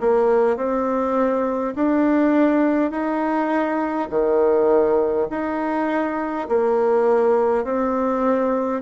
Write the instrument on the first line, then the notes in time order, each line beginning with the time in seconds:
bassoon
0.00 A#3
0.57 C4
1.75 D4
2.91 D#4
4.10 D#3
5.30 D#4
6.49 A#3
7.64 C4